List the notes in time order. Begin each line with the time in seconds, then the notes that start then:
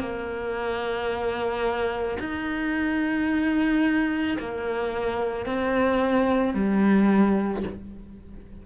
0.00 A#3
2.20 D#4
4.39 A#3
5.46 C4
6.55 G3